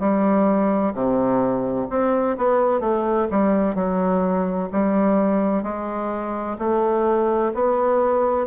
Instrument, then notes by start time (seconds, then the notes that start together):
bassoon
0.00 G3
0.94 C3
1.90 C4
2.38 B3
2.81 A3
3.31 G3
3.75 F#3
4.73 G3
5.64 G#3
6.59 A3
7.55 B3